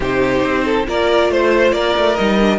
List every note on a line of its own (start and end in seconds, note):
0.00 0.42 C3
0.00 0.86 D#4
0.00 0.64 G4
0.00 0.88 C5
0.43 0.86 C4
0.65 0.86 A4
0.86 1.29 A#3
0.86 2.17 F4
0.86 1.31 A#4
0.86 1.31 D5
1.29 1.72 A3
1.29 1.72 C5
1.29 1.74 C5
1.72 1.94 A#3
1.72 2.58 A#4
1.72 2.15 D5
1.96 2.18 A3
2.15 2.58 G3
2.15 2.39 D#4
2.15 2.58 D#5
2.40 2.58 D4